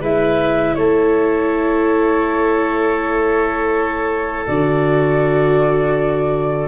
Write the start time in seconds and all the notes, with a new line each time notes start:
0.00 G#3 E4 B4 E5
0.75 A3 A4 C#5
4.46 D3 F#4 D5